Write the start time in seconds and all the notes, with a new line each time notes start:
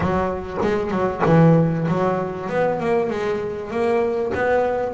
0.00 F#3
0.62 G#3
0.91 F#3
1.25 E3
1.88 F#3
2.49 B3
2.80 A#3
3.09 G#3
3.70 A#3
4.34 B3